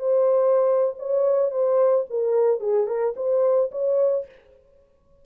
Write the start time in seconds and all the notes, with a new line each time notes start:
0.00 C5
0.99 C#5
1.51 C5
2.10 A#4
2.61 G#4
2.87 A#4
3.17 C5
3.72 C#5